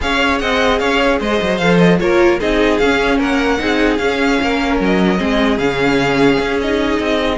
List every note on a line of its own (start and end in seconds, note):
0.00 0.41 C#4
0.00 1.60 G#4
0.00 0.41 C#5
0.00 0.38 F5
0.38 0.81 C4
0.38 0.79 D#5
0.38 0.78 F#5
0.79 1.20 C#4
0.79 1.19 C#5
0.79 1.19 F5
1.19 1.40 G#3
1.19 1.99 C5
1.19 1.57 D#5
1.41 1.61 F#3
1.57 2.00 F3
1.57 2.00 A4
1.57 1.77 F5
1.78 1.98 D#5
1.99 2.40 A#3
1.99 2.40 F4
1.99 2.40 A#4
1.99 2.39 C#5
2.40 2.81 C4
2.40 2.80 D#4
2.40 3.18 G#4
2.40 2.78 D#5
2.78 3.19 C#4
2.78 3.59 C#4
2.78 3.18 F5
3.18 3.59 A#3
3.18 3.58 A#4
3.18 3.97 F#5
3.59 3.99 C4
3.59 3.99 D#4
3.59 4.41 G#4
3.97 4.39 C#4
3.97 5.17 C#4
3.97 4.77 F5
4.41 4.80 A#3
4.41 5.18 A#4
4.80 5.20 F#3
4.80 5.58 D#5
5.17 5.58 G#3
5.17 5.57 C4
5.17 7.38 G#4
5.58 6.38 C#3
5.58 6.60 C#4
5.58 6.58 F5
6.39 6.99 C#4
6.61 7.38 D#4
6.61 7.38 D#5
6.99 7.38 C4